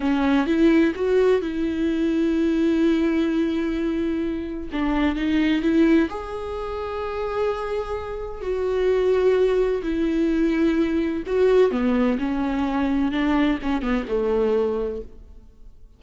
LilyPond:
\new Staff \with { instrumentName = "viola" } { \time 4/4 \tempo 4 = 128 cis'4 e'4 fis'4 e'4~ | e'1~ | e'2 d'4 dis'4 | e'4 gis'2.~ |
gis'2 fis'2~ | fis'4 e'2. | fis'4 b4 cis'2 | d'4 cis'8 b8 a2 | }